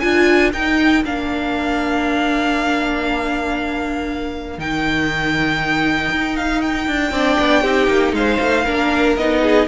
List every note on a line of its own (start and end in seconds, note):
0.00 0.54 D4
0.00 0.52 F4
0.00 7.13 A#4
0.00 0.51 G#5
0.53 1.05 D#4
0.53 1.04 D#4
0.53 1.04 G5
1.04 4.59 A#3
1.04 4.59 D4
1.04 4.60 F5
4.59 6.11 D#3
4.59 7.13 D#4
4.59 6.37 G5
6.12 6.88 D#4
6.37 6.62 F5
6.62 8.14 G5
6.88 7.12 D4
7.12 7.37 C4
7.12 7.65 D4
7.12 7.63 D5
7.40 7.64 B3
7.63 7.88 C4
7.63 8.67 D#4
7.63 8.14 G4
7.88 8.13 A#3
8.13 8.38 G#3
8.13 8.65 C5
8.13 9.17 F5
8.41 8.66 A3
8.65 9.17 A#3
8.65 9.19 D4
8.65 9.42 A#4
9.17 9.68 B3
9.17 9.68 D#4
9.17 9.68 D#5
9.43 9.68 G#4